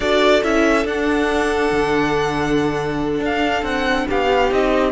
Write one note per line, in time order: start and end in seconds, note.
0.00 0.42 D4
0.00 0.43 F#4
0.00 4.06 A4
0.00 0.42 D5
0.43 0.84 C#4
0.43 0.85 E4
0.43 0.86 E5
0.84 1.70 D4
0.84 4.49 D4
0.84 3.23 F#5
1.71 3.20 D3
3.20 3.62 D4
3.20 3.64 F5
3.62 4.05 C4
3.62 4.07 F#5
4.08 4.51 B3
4.08 4.91 G4
4.08 4.52 F5
4.49 4.91 C4
4.49 4.91 D#4
4.49 4.91 D#5